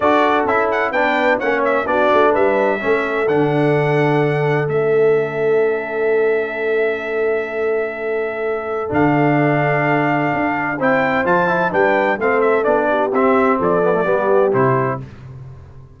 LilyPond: <<
  \new Staff \with { instrumentName = "trumpet" } { \time 4/4 \tempo 4 = 128 d''4 e''8 fis''8 g''4 fis''8 e''8 | d''4 e''2 fis''4~ | fis''2 e''2~ | e''1~ |
e''2. f''4~ | f''2. g''4 | a''4 g''4 f''8 e''8 d''4 | e''4 d''2 c''4 | }
  \new Staff \with { instrumentName = "horn" } { \time 4/4 a'2 b'4 cis''4 | fis'4 b'4 a'2~ | a'1~ | a'1~ |
a'1~ | a'2. c''4~ | c''4 b'4 a'4. g'8~ | g'4 a'4 g'2 | }
  \new Staff \with { instrumentName = "trombone" } { \time 4/4 fis'4 e'4 d'4 cis'4 | d'2 cis'4 d'4~ | d'2 cis'2~ | cis'1~ |
cis'2. d'4~ | d'2. e'4 | f'8 e'8 d'4 c'4 d'4 | c'4. b16 a16 b4 e'4 | }
  \new Staff \with { instrumentName = "tuba" } { \time 4/4 d'4 cis'4 b4 ais4 | b8 a8 g4 a4 d4~ | d2 a2~ | a1~ |
a2. d4~ | d2 d'4 c'4 | f4 g4 a4 b4 | c'4 f4 g4 c4 | }
>>